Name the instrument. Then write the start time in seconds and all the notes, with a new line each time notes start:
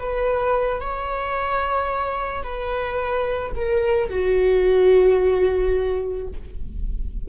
viola
0.00 B4
0.81 C#5
2.43 B4
3.56 A#4
4.10 F#4